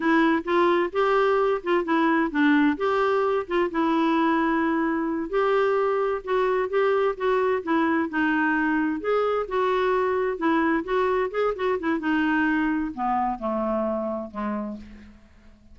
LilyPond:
\new Staff \with { instrumentName = "clarinet" } { \time 4/4 \tempo 4 = 130 e'4 f'4 g'4. f'8 | e'4 d'4 g'4. f'8 | e'2.~ e'8 g'8~ | g'4. fis'4 g'4 fis'8~ |
fis'8 e'4 dis'2 gis'8~ | gis'8 fis'2 e'4 fis'8~ | fis'8 gis'8 fis'8 e'8 dis'2 | b4 a2 gis4 | }